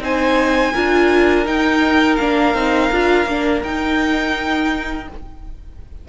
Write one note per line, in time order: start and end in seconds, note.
0.00 0.72 C4
0.00 0.73 D#4
0.00 0.74 C5
0.00 1.47 G#5
0.74 1.47 D4
0.74 1.46 F4
0.74 5.08 A#4
1.46 2.18 D#4
1.46 2.19 D#4
1.46 2.16 G5
2.16 2.55 A#3
2.16 2.56 D4
2.16 3.61 F5
2.55 2.91 C4
2.55 2.92 D#4
2.92 3.26 D4
2.92 3.28 F4
3.26 3.62 A#3
3.26 3.64 D4
3.64 5.09 D#4
3.64 5.08 G5